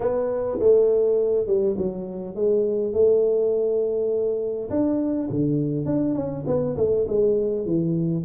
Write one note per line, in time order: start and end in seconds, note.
0.00 0.58 B3
0.59 1.46 A3
1.46 1.76 G3
1.77 2.35 F#3
2.35 2.93 G#3
2.93 4.69 A3
4.70 5.28 D4
5.29 5.85 D3
5.85 6.15 D4
6.15 6.44 C#4
6.47 6.76 B3
6.76 7.06 A3
7.07 7.65 G#3
7.65 8.24 E3